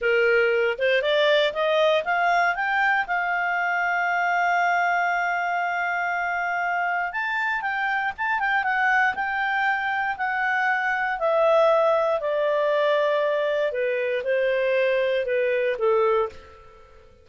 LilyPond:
\new Staff \with { instrumentName = "clarinet" } { \time 4/4 \tempo 4 = 118 ais'4. c''8 d''4 dis''4 | f''4 g''4 f''2~ | f''1~ | f''2 a''4 g''4 |
a''8 g''8 fis''4 g''2 | fis''2 e''2 | d''2. b'4 | c''2 b'4 a'4 | }